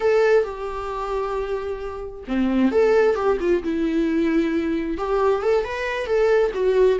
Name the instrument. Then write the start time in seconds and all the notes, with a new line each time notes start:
viola
0.00 A4
0.43 G4
2.27 C4
2.71 A4
3.15 G4
3.40 F4
3.63 E4
4.97 G4
5.42 A4
5.64 B4
6.06 A4
6.54 F#4